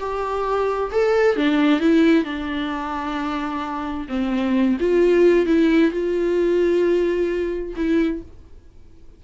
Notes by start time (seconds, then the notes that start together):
0.00 G4
0.92 A4
1.37 D4
1.80 E4
2.24 D4
4.09 C4
4.80 F4
5.46 E4
5.91 F4
7.77 E4